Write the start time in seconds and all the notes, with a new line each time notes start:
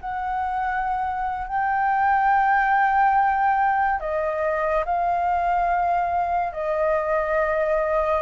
0.00 F#5
1.47 G5
4.00 D#5
4.85 F5
6.53 D#5